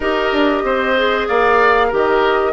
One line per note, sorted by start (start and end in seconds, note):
0.00 0.31 D#4
0.00 0.97 G4
0.00 0.62 A#4
0.00 1.28 D#5
0.32 0.63 D4
0.63 1.27 C4
0.63 1.28 C5
0.97 1.91 G#4
1.28 1.92 A#3
1.28 1.87 D5
1.28 1.92 F5
1.87 2.52 D#3
1.87 2.52 G4
1.87 2.51 A#4
1.93 2.52 D#5